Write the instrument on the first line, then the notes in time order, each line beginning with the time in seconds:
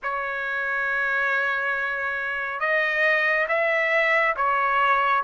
trumpet
0.02 C#5
2.59 D#5
3.48 E5
4.36 C#5